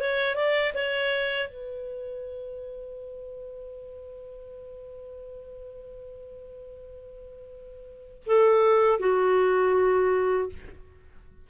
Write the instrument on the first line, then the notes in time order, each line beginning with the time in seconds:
clarinet
0.00 C#5
0.35 D5
0.74 C#5
1.48 B4
8.26 A4
8.99 F#4